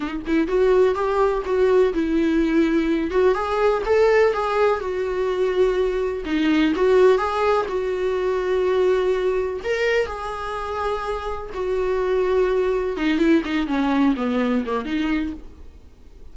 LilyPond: \new Staff \with { instrumentName = "viola" } { \time 4/4 \tempo 4 = 125 dis'8 e'8 fis'4 g'4 fis'4 | e'2~ e'8 fis'8 gis'4 | a'4 gis'4 fis'2~ | fis'4 dis'4 fis'4 gis'4 |
fis'1 | ais'4 gis'2. | fis'2. dis'8 e'8 | dis'8 cis'4 b4 ais8 dis'4 | }